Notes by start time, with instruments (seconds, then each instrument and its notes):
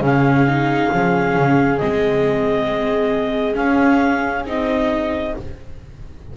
0.00 double bass C#3, viola C#4, flute G#4, clarinet F5
0.47 viola D#4
0.91 double bass F3, viola C#4
1.36 double bass C#3
1.78 double bass G#3, viola C4, clarinet D#5
3.53 viola C#4, double bass C#4, clarinet F5
4.46 double bass C4, viola D#4, clarinet D#5